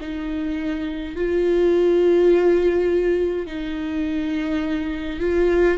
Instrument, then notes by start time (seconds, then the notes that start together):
viola
0.00 D#4
1.16 F4
3.47 D#4
5.20 F4